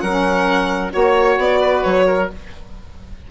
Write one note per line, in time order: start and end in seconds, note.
0.00 0.93 F#3
0.00 0.93 A#4
0.00 0.91 F#5
0.07 0.91 C#4
0.91 1.38 A#3
0.91 2.27 F#4
0.91 1.61 C#5
0.91 1.39 C#5
1.38 1.83 B3
1.38 1.84 D5
1.61 2.06 B4
1.84 2.31 F#3
1.84 2.29 C#5
2.07 2.30 A#4